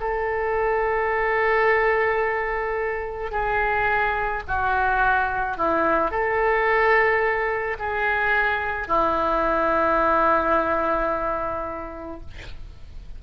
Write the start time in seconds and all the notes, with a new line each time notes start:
0.00 A4
3.31 G#4
4.47 F#4
5.57 E4
6.11 A4
7.78 G#4
8.87 E4